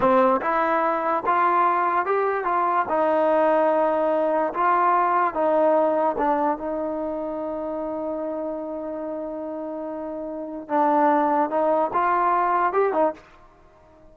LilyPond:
\new Staff \with { instrumentName = "trombone" } { \time 4/4 \tempo 4 = 146 c'4 e'2 f'4~ | f'4 g'4 f'4 dis'4~ | dis'2. f'4~ | f'4 dis'2 d'4 |
dis'1~ | dis'1~ | dis'2 d'2 | dis'4 f'2 g'8 dis'8 | }